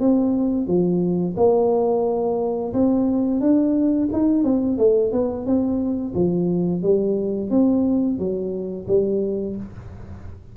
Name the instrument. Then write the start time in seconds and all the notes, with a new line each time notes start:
tuba
0.00 C4
0.67 F3
1.37 A#3
2.74 C4
3.41 D4
4.13 D#4
4.44 C4
4.78 A3
5.12 B3
5.46 C4
6.15 F3
6.83 G3
7.51 C4
8.19 F#3
8.88 G3